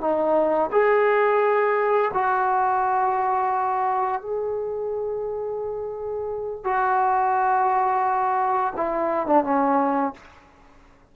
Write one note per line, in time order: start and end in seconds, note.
0.00 0.70 D#4
0.71 2.11 G#4
2.13 4.21 F#4
4.21 6.64 G#4
6.64 8.73 F#4
8.76 9.26 E4
9.26 9.43 D4
9.43 10.13 C#4